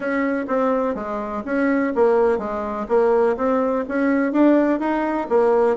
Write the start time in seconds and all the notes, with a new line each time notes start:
0.00 C#4
0.47 C4
0.94 G#3
1.45 C#4
1.95 A#3
2.38 G#3
2.88 A#3
3.36 C4
3.88 C#4
4.32 D4
4.79 D#4
5.29 A#3